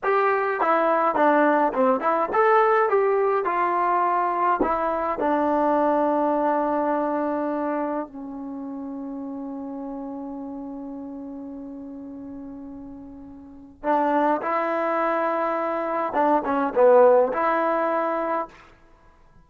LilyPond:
\new Staff \with { instrumentName = "trombone" } { \time 4/4 \tempo 4 = 104 g'4 e'4 d'4 c'8 e'8 | a'4 g'4 f'2 | e'4 d'2.~ | d'2 cis'2~ |
cis'1~ | cis'1 | d'4 e'2. | d'8 cis'8 b4 e'2 | }